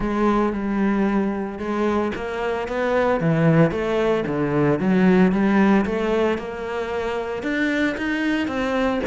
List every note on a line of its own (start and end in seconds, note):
0.00 0.52 G#3
0.52 1.58 G3
1.59 2.12 G#3
2.15 2.68 A#3
2.68 3.20 B3
3.20 3.71 E3
3.71 4.24 A3
4.26 4.79 D3
4.79 5.32 F#3
5.32 5.85 G3
5.85 6.37 A3
6.37 7.42 A#3
7.42 7.95 D4
7.97 8.47 D#4
8.47 9.00 C4